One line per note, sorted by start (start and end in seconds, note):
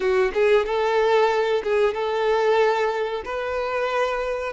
0.00 0.31 F#4
0.34 0.65 G#4
0.65 1.62 A4
1.63 1.94 G#4
1.94 3.23 A4
3.24 4.52 B4